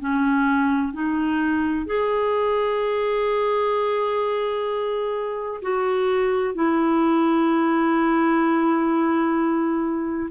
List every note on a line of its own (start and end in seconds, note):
0.00 0.93 C#4
0.93 1.87 D#4
1.87 5.62 G#4
5.62 6.55 F#4
6.55 10.30 E4